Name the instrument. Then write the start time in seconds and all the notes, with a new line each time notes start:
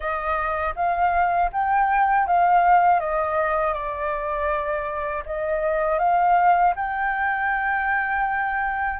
flute
0.00 D#5
0.75 F5
1.52 G5
2.26 F5
3.00 D#5
3.73 D5
5.25 D#5
5.98 F5
6.75 G5